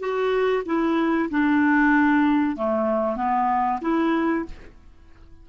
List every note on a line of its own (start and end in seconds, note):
0.00 0.64 F#4
0.66 1.30 E4
1.30 2.57 D4
2.57 3.17 A3
3.17 3.80 B3
3.82 4.46 E4